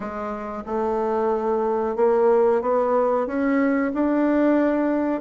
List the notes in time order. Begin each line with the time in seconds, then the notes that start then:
0.00 G#3
0.66 A3
1.96 A#3
2.61 B3
3.26 C#4
3.94 D4